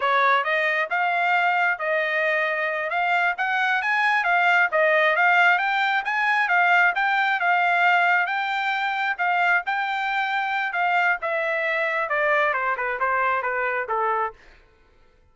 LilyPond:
\new Staff \with { instrumentName = "trumpet" } { \time 4/4 \tempo 4 = 134 cis''4 dis''4 f''2 | dis''2~ dis''8 f''4 fis''8~ | fis''8 gis''4 f''4 dis''4 f''8~ | f''8 g''4 gis''4 f''4 g''8~ |
g''8 f''2 g''4.~ | g''8 f''4 g''2~ g''8 | f''4 e''2 d''4 | c''8 b'8 c''4 b'4 a'4 | }